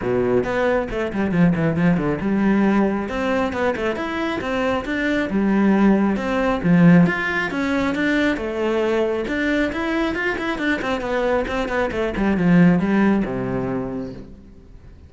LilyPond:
\new Staff \with { instrumentName = "cello" } { \time 4/4 \tempo 4 = 136 b,4 b4 a8 g8 f8 e8 | f8 d8 g2 c'4 | b8 a8 e'4 c'4 d'4 | g2 c'4 f4 |
f'4 cis'4 d'4 a4~ | a4 d'4 e'4 f'8 e'8 | d'8 c'8 b4 c'8 b8 a8 g8 | f4 g4 c2 | }